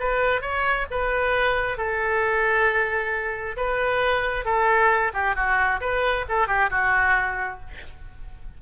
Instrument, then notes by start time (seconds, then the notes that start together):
oboe
0.00 B4
0.42 C#5
0.91 B4
1.77 A4
3.57 B4
4.45 A4
5.14 G4
5.35 F#4
5.81 B4
6.29 A4
6.47 G4
6.70 F#4